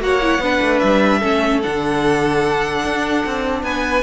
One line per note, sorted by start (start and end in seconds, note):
0.00 0.39 A#3
0.00 0.20 F#4
0.00 0.43 C#5
0.00 0.79 F#5
0.21 0.41 E4
0.39 0.59 B3
0.39 1.22 D4
0.39 1.19 B4
0.61 0.81 A3
0.79 1.23 G3
0.79 1.60 E5
1.19 1.64 A3
1.19 1.62 C#4
1.19 3.61 A4
1.62 2.84 D3
1.62 4.03 D4
1.62 3.63 F#5
2.84 3.24 D4
3.25 3.62 C4
3.62 4.03 B3
3.62 4.03 B4
3.62 4.03 G#5